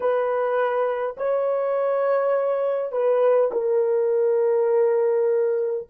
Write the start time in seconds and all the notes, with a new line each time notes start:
0.00 B4
1.17 C#5
2.91 B4
3.52 A#4